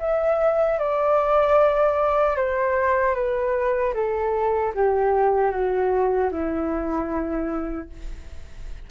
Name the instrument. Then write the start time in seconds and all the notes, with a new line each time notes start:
flute
0.00 E5
0.79 D5
2.37 C5
3.15 B4
3.94 A4
4.75 G4
5.52 F#4
6.32 E4